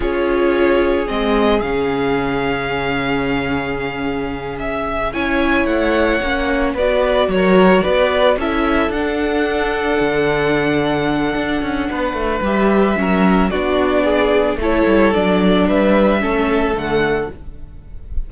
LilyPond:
<<
  \new Staff \with { instrumentName = "violin" } { \time 4/4 \tempo 4 = 111 cis''2 dis''4 f''4~ | f''1~ | f''8 e''4 gis''4 fis''4.~ | fis''8 d''4 cis''4 d''4 e''8~ |
e''8 fis''2.~ fis''8~ | fis''2. e''4~ | e''4 d''2 cis''4 | d''4 e''2 fis''4 | }
  \new Staff \with { instrumentName = "violin" } { \time 4/4 gis'1~ | gis'1~ | gis'4. cis''2~ cis''8~ | cis''8 b'4 ais'4 b'4 a'8~ |
a'1~ | a'2 b'2 | ais'4 fis'4 gis'4 a'4~ | a'4 b'4 a'2 | }
  \new Staff \with { instrumentName = "viola" } { \time 4/4 f'2 c'4 cis'4~ | cis'1~ | cis'4. e'2 cis'8~ | cis'8 fis'2. e'8~ |
e'8 d'2.~ d'8~ | d'2. g'4 | cis'4 d'2 e'4 | d'2 cis'4 a4 | }
  \new Staff \with { instrumentName = "cello" } { \time 4/4 cis'2 gis4 cis4~ | cis1~ | cis4. cis'4 a4 ais8~ | ais8 b4 fis4 b4 cis'8~ |
cis'8 d'2 d4.~ | d4 d'8 cis'8 b8 a8 g4 | fis4 b2 a8 g8 | fis4 g4 a4 d4 | }
>>